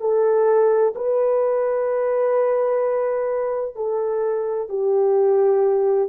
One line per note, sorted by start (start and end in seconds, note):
0.00 0.94 A4
0.95 3.75 B4
3.75 4.69 A4
4.69 6.09 G4